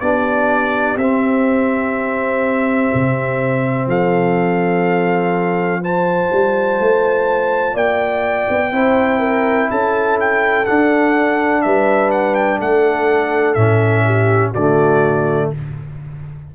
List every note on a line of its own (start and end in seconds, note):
0.00 0.96 B3
0.00 0.99 D4
0.00 3.88 G4
0.00 0.97 D5
0.96 2.90 C4
0.96 5.82 C4
0.96 3.88 E5
2.94 3.87 C3
3.87 6.29 F3
3.87 5.81 A4
3.87 5.83 F5
5.81 8.72 F4
5.81 7.74 C5
5.81 7.77 A5
6.32 6.79 G3
6.79 7.74 A3
7.74 8.47 A#3
7.74 8.70 D5
7.74 9.70 G5
8.49 8.71 B3
8.71 9.68 C4
8.71 10.65 E4
8.71 9.19 C5
9.19 9.67 A#4
9.70 10.68 C#4
9.70 11.64 A4
9.70 10.19 A5
10.20 10.65 G5
10.65 13.56 D4
10.65 11.65 D4
10.65 11.61 F#5
11.61 12.60 G3
11.61 12.59 B4
11.61 12.10 E5
12.11 12.34 F#5
12.34 12.59 G5
12.59 13.55 A3
12.59 14.04 A4
12.59 13.54 F#5
13.54 14.52 A2
13.54 14.53 C#4
13.54 14.51 E5
14.05 14.50 G4
14.50 15.52 D3
14.50 15.47 F#4
14.50 15.51 D5
14.58 15.55 A3